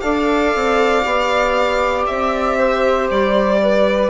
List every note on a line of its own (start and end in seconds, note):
0.00 0.54 D4
0.00 1.04 A4
0.00 2.57 D5
0.00 2.03 F5
0.55 1.05 C4
1.04 2.07 B3
1.04 4.09 G4
2.06 3.09 C4
2.06 3.07 E5
2.58 3.60 C5
3.10 4.10 G3
3.10 4.10 D5
3.62 4.10 B4